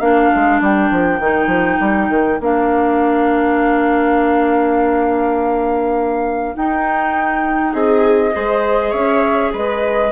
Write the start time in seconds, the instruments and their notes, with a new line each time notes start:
0.00 bassoon A#3, clarinet D4, viola A#4, flute F5
0.35 bassoon G#3
0.61 bassoon G3, flute G5
0.91 bassoon F3
1.19 bassoon D#3, clarinet D#4
1.47 bassoon F3
1.80 bassoon G3
2.09 bassoon D#3
2.40 bassoon A#3, clarinet D4, flute F5
6.54 clarinet D#4, bassoon D#4, flute G5
7.73 bassoon C4, viola G#4, flute D#5
8.33 bassoon G#3, clarinet G#4, viola C5
8.91 bassoon C#4, viola C#5, flute E5
9.53 bassoon G#3, viola B4, flute D#5